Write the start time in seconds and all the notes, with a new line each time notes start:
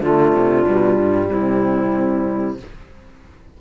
0.00 D3 A3 D4 F4
0.34 C3
0.66 B2 G3
0.98 G2
1.29 C3 C4 E4